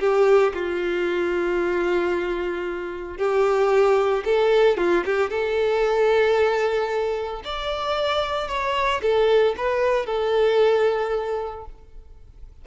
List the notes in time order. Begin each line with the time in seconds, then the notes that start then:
0.00 G4
0.54 F4
3.18 G4
4.25 A4
4.78 F4
5.05 G4
5.30 A4
7.45 D5
8.48 C#5
9.02 A4
9.58 B4
10.06 A4